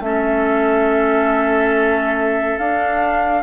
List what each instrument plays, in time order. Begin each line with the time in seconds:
0.00 bassoon A3, clarinet C#4, oboe A4, flute E5
2.58 bassoon D4, clarinet D4, flute F5